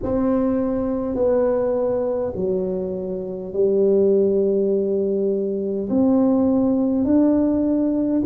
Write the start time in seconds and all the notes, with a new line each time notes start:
0.02 C4
1.15 B3
2.35 F#3
3.53 G3
5.89 C4
7.04 D4